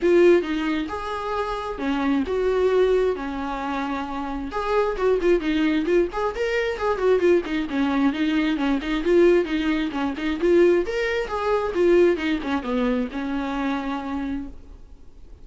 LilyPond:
\new Staff \with { instrumentName = "viola" } { \time 4/4 \tempo 4 = 133 f'4 dis'4 gis'2 | cis'4 fis'2 cis'4~ | cis'2 gis'4 fis'8 f'8 | dis'4 f'8 gis'8 ais'4 gis'8 fis'8 |
f'8 dis'8 cis'4 dis'4 cis'8 dis'8 | f'4 dis'4 cis'8 dis'8 f'4 | ais'4 gis'4 f'4 dis'8 cis'8 | b4 cis'2. | }